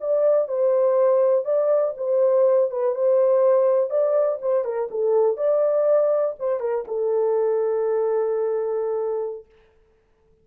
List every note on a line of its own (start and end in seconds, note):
0.00 0.48 D5
0.48 1.44 C5
1.44 1.93 D5
1.97 2.70 C5
2.70 2.94 B4
2.94 3.89 C5
3.89 4.39 D5
4.41 4.64 C5
4.64 4.89 A#4
4.90 5.37 A4
5.37 6.35 D5
6.39 6.60 C5
6.60 6.84 A#4
6.87 9.45 A4